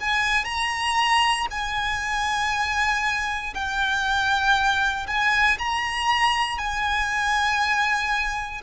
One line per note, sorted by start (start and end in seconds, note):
0.00 0.45 G#5
0.45 1.47 A#5
1.51 3.54 G#5
3.54 5.07 G5
5.07 5.58 G#5
5.59 6.58 A#5
6.58 8.62 G#5